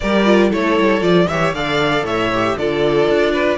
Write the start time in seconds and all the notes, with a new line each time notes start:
0.00 G3 G4 A#4 D5
0.24 F4
0.49 A3 E4 A4 C#5
0.80 G3
1.00 F3 F4 D5
1.27 E3 G4 C#5 E5
1.53 D3 A4 D5 F5
2.02 A2 C#5 E5
2.33 G4
2.57 D3 F4 A4 D5
3.08 D4
3.32 B4